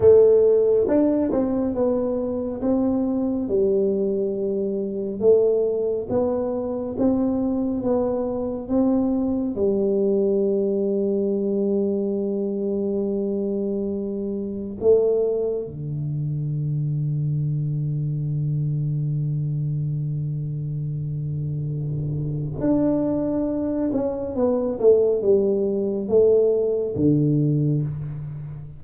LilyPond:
\new Staff \with { instrumentName = "tuba" } { \time 4/4 \tempo 4 = 69 a4 d'8 c'8 b4 c'4 | g2 a4 b4 | c'4 b4 c'4 g4~ | g1~ |
g4 a4 d2~ | d1~ | d2 d'4. cis'8 | b8 a8 g4 a4 d4 | }